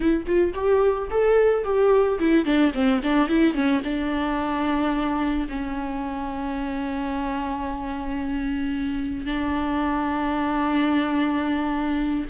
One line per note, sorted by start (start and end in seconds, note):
0.00 0.25 E4
0.26 0.53 F4
0.53 1.08 G4
1.10 1.64 A4
1.64 2.18 G4
2.19 2.45 E4
2.45 2.72 D4
2.73 3.01 C4
3.03 3.28 D4
3.28 3.54 E4
3.54 3.81 C#4
3.83 5.47 D4
5.48 9.25 C#4
9.25 12.25 D4